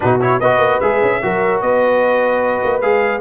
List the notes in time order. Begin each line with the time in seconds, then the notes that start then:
0.00 B2 D#4 F#4 B4
0.20 E4 C#5
0.40 B3 F#4 B4 D#5
0.57 A#3
0.80 G#3 G#4 E5
1.01 C#4
1.22 F#3 F#4 A#4
1.61 B3 B4 D#5
2.63 A#3
2.81 G#3 G#4 F5